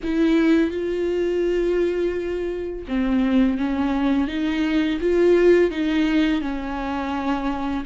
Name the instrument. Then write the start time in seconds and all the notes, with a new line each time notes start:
viola
0.03 E4
0.70 F4
2.87 C4
3.57 C#4
4.27 D#4
5.01 F4
5.70 D#4
6.41 C#4